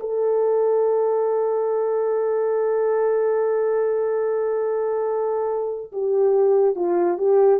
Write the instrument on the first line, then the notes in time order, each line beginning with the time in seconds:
horn
0.00 A4
5.92 G4
6.75 F4
7.18 G4